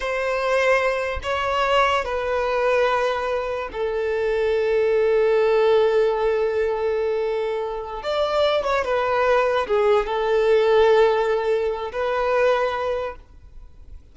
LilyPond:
\new Staff \with { instrumentName = "violin" } { \time 4/4 \tempo 4 = 146 c''2. cis''4~ | cis''4 b'2.~ | b'4 a'2.~ | a'1~ |
a'2.~ a'8 d''8~ | d''4 cis''8 b'2 gis'8~ | gis'8 a'2.~ a'8~ | a'4 b'2. | }